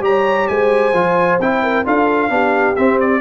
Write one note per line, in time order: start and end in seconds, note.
0.00 0.45 G3
0.00 0.92 G4
0.00 0.49 C#5
0.00 0.48 A#5
0.48 0.93 G#3
0.48 1.62 C5
0.48 1.39 G#5
0.93 1.39 F3
0.93 1.40 F4
1.39 1.85 C4
1.39 1.85 E4
1.39 1.86 G5
1.62 1.85 A#4
1.85 2.30 D4
1.85 2.29 F4
1.85 2.31 A4
1.85 2.76 F5
2.29 2.75 B3
2.29 2.75 D4
2.29 3.21 G4
2.76 3.21 C4
2.76 2.98 E5
3.00 3.21 D5